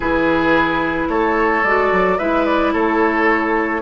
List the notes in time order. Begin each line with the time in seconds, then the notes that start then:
0.00 E3 E4 G#4 B4
1.08 A3 A4 C#5
1.63 G#3 F#4 D5
1.92 F#3
2.18 G#3 E4 B4 E5
2.45 D5
2.72 A3 A4 C#5